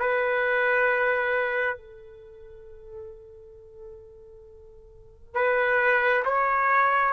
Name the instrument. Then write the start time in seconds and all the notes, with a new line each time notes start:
trumpet
0.00 B4
1.78 A4
5.35 B4
6.26 C#5